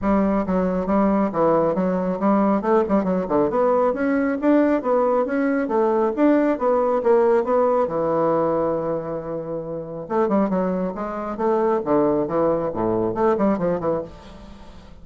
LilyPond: \new Staff \with { instrumentName = "bassoon" } { \time 4/4 \tempo 4 = 137 g4 fis4 g4 e4 | fis4 g4 a8 g8 fis8 d8 | b4 cis'4 d'4 b4 | cis'4 a4 d'4 b4 |
ais4 b4 e2~ | e2. a8 g8 | fis4 gis4 a4 d4 | e4 a,4 a8 g8 f8 e8 | }